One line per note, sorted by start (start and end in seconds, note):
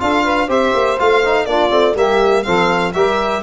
0.00 0.49 D4
0.00 0.49 F4
0.00 0.24 A4
0.00 0.50 F5
0.24 0.48 B4
0.48 0.74 C4
0.48 0.97 G4
0.48 1.46 C5
0.48 0.99 E5
0.74 0.98 A#3
0.99 1.46 A3
0.99 1.24 F4
0.99 1.46 F5
1.26 1.49 D#4
1.46 1.71 A#3
1.46 1.71 D4
1.46 1.96 F4
1.46 1.95 D5
1.71 1.95 A3
1.71 1.95 C4
1.95 2.44 G3
1.95 2.45 A#3
1.95 2.46 G4
1.95 2.43 E5
2.43 2.95 F3
2.43 2.94 C4
2.43 2.95 A4
2.43 2.92 F5
2.94 3.43 G3
2.94 3.43 G4
2.94 3.43 A#4
2.94 3.43 E5